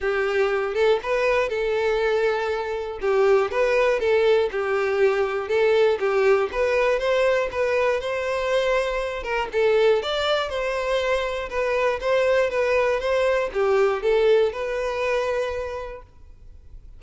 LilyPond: \new Staff \with { instrumentName = "violin" } { \time 4/4 \tempo 4 = 120 g'4. a'8 b'4 a'4~ | a'2 g'4 b'4 | a'4 g'2 a'4 | g'4 b'4 c''4 b'4 |
c''2~ c''8 ais'8 a'4 | d''4 c''2 b'4 | c''4 b'4 c''4 g'4 | a'4 b'2. | }